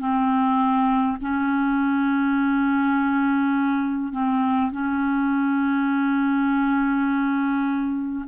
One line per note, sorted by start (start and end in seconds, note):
0.00 1.18 C4
1.21 4.13 C#4
4.13 4.72 C4
4.73 8.26 C#4